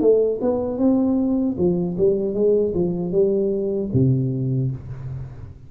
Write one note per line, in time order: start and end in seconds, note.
0.00 0.39 A3
0.41 0.78 B3
0.78 1.55 C4
1.57 1.96 F3
1.97 2.34 G3
2.34 2.73 G#3
2.74 3.11 F3
3.11 3.89 G3
3.93 4.71 C3